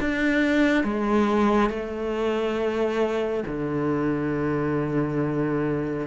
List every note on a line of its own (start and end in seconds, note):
0.00 0.84 D4
0.84 1.70 G#3
1.70 3.44 A3
3.47 6.07 D3